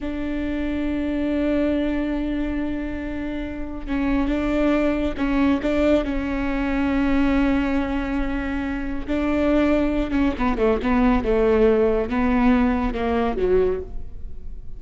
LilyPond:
\new Staff \with { instrumentName = "viola" } { \time 4/4 \tempo 4 = 139 d'1~ | d'1~ | d'4 cis'4 d'2 | cis'4 d'4 cis'2~ |
cis'1~ | cis'4 d'2~ d'8 cis'8 | b8 a8 b4 a2 | b2 ais4 fis4 | }